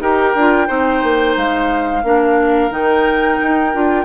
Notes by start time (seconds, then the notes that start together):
0.00 D#4 G4 A#4 G5
0.35 D4 F4
0.67 C4 D#4 C5
1.03 A#3
1.36 G#3 F5
2.04 A#3 D4 A#4
2.70 D#3 D#4 G5
3.42 D#4
3.74 D4 F4